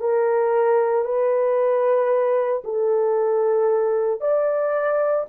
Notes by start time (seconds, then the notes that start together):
0.00 A#4
1.05 B4
2.64 A4
4.21 D5